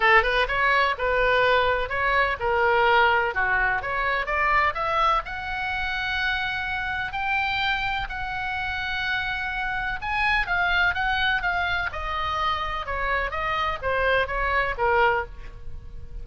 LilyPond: \new Staff \with { instrumentName = "oboe" } { \time 4/4 \tempo 4 = 126 a'8 b'8 cis''4 b'2 | cis''4 ais'2 fis'4 | cis''4 d''4 e''4 fis''4~ | fis''2. g''4~ |
g''4 fis''2.~ | fis''4 gis''4 f''4 fis''4 | f''4 dis''2 cis''4 | dis''4 c''4 cis''4 ais'4 | }